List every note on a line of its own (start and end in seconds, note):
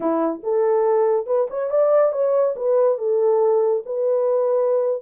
0.00 0.41 E4
0.43 1.26 A4
1.26 1.47 B4
1.50 1.70 C#5
1.70 2.12 D5
2.12 2.54 C#5
2.55 2.98 B4
2.98 3.83 A4
3.85 5.02 B4